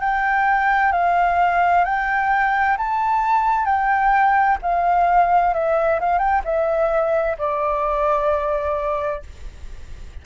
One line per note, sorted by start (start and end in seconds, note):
0.00 0.92 G5
0.92 1.85 F5
1.85 2.77 G5
2.77 3.65 A5
3.65 4.57 G5
4.62 5.54 F5
5.54 6.00 E5
6.00 6.18 F5
6.18 6.42 G5
6.44 7.37 E5
7.38 9.23 D5